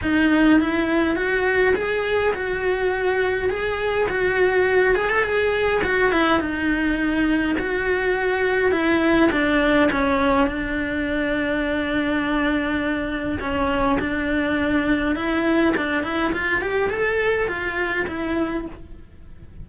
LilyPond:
\new Staff \with { instrumentName = "cello" } { \time 4/4 \tempo 4 = 103 dis'4 e'4 fis'4 gis'4 | fis'2 gis'4 fis'4~ | fis'8 gis'16 a'16 gis'4 fis'8 e'8 dis'4~ | dis'4 fis'2 e'4 |
d'4 cis'4 d'2~ | d'2. cis'4 | d'2 e'4 d'8 e'8 | f'8 g'8 a'4 f'4 e'4 | }